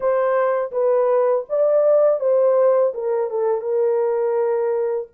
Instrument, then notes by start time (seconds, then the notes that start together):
horn
0.00 C5
0.71 B4
1.49 D5
2.20 C5
2.94 A#4
3.30 A4
3.61 A#4